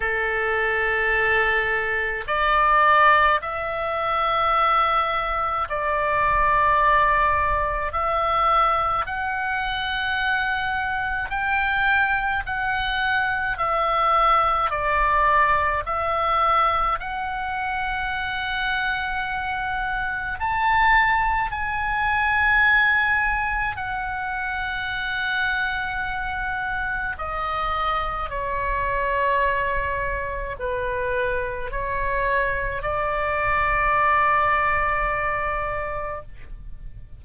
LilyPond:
\new Staff \with { instrumentName = "oboe" } { \time 4/4 \tempo 4 = 53 a'2 d''4 e''4~ | e''4 d''2 e''4 | fis''2 g''4 fis''4 | e''4 d''4 e''4 fis''4~ |
fis''2 a''4 gis''4~ | gis''4 fis''2. | dis''4 cis''2 b'4 | cis''4 d''2. | }